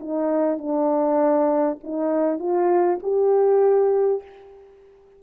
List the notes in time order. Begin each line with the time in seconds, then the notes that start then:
0.00 D#4
0.58 D4
1.83 D#4
2.39 F4
3.03 G4